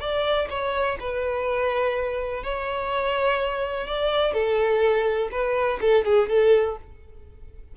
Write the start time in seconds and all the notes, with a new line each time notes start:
0.00 D5
0.50 C#5
1.00 B4
2.43 C#5
3.87 D5
4.34 A4
5.31 B4
5.81 A4
6.05 G#4
6.29 A4